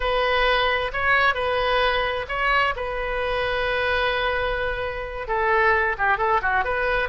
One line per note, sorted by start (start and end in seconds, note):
0.00 0.91 B4
0.93 1.34 C#5
1.34 2.26 B4
2.28 2.74 C#5
2.75 5.27 B4
5.27 5.96 A4
5.98 6.17 G4
6.17 6.40 A4
6.42 6.64 F#4
6.64 7.09 B4